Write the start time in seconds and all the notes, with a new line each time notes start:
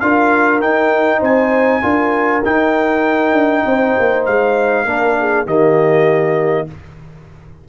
0.00 D4 F4 A#4 F5
0.61 D#4 G5
1.19 C4 C5 G#5
1.82 D4 F4 A#4
2.44 D#4 G5
3.32 D4
3.66 C4 C5
3.99 A#3
4.26 G#3 F5
4.85 A#3 D4 A#4
5.20 G#4
5.46 D#3 A#3 G4 D#5